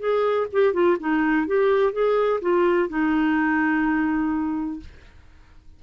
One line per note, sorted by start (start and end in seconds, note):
0.00 0.48 G#4
0.53 0.74 G4
0.74 0.97 F4
1.00 1.48 D#4
1.48 1.93 G4
1.93 2.41 G#4
2.42 2.90 F4
2.90 4.80 D#4